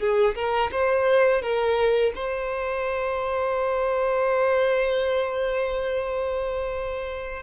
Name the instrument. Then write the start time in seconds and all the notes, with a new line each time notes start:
violin
0.00 G#4
0.36 A#4
0.72 C5
1.43 A#4
2.16 C5